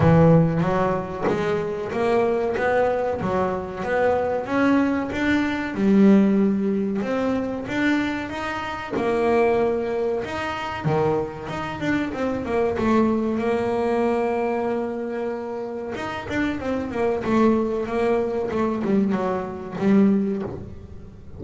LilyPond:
\new Staff \with { instrumentName = "double bass" } { \time 4/4 \tempo 4 = 94 e4 fis4 gis4 ais4 | b4 fis4 b4 cis'4 | d'4 g2 c'4 | d'4 dis'4 ais2 |
dis'4 dis4 dis'8 d'8 c'8 ais8 | a4 ais2.~ | ais4 dis'8 d'8 c'8 ais8 a4 | ais4 a8 g8 fis4 g4 | }